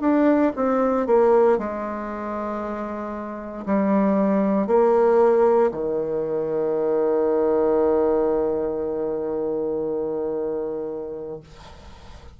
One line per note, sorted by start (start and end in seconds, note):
0.00 0.52 D4
0.55 1.06 C4
1.06 1.58 A#3
1.58 3.65 G#3
3.65 4.67 G3
4.67 5.70 A#3
5.71 11.40 D#3